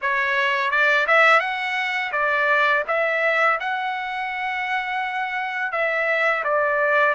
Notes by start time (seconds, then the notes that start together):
0.01 C#5
0.70 D5
1.07 E5
1.40 F#5
2.12 D5
2.87 E5
3.59 F#5
5.72 E5
6.44 D5